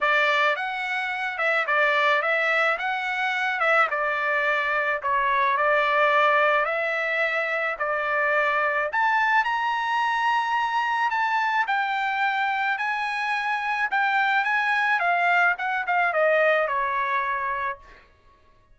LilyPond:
\new Staff \with { instrumentName = "trumpet" } { \time 4/4 \tempo 4 = 108 d''4 fis''4. e''8 d''4 | e''4 fis''4. e''8 d''4~ | d''4 cis''4 d''2 | e''2 d''2 |
a''4 ais''2. | a''4 g''2 gis''4~ | gis''4 g''4 gis''4 f''4 | fis''8 f''8 dis''4 cis''2 | }